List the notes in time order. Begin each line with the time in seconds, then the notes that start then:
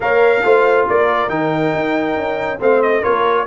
0.00 A#3 A#4 C#5 F5
0.44 A3 F4 C5
0.88 A#3 A#4 D5
1.28 D#3 D#4 G5
1.75 D#4
2.15 C#4
2.60 A3 C4 C5 F5
2.82 D#5
3.01 A#3 F4 A#4 C#5